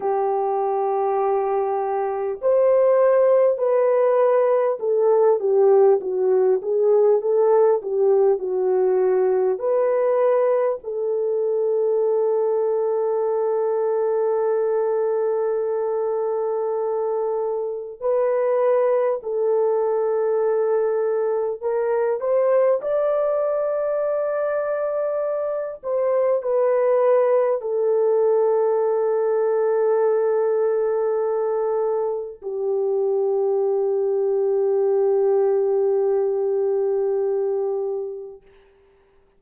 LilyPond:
\new Staff \with { instrumentName = "horn" } { \time 4/4 \tempo 4 = 50 g'2 c''4 b'4 | a'8 g'8 fis'8 gis'8 a'8 g'8 fis'4 | b'4 a'2.~ | a'2. b'4 |
a'2 ais'8 c''8 d''4~ | d''4. c''8 b'4 a'4~ | a'2. g'4~ | g'1 | }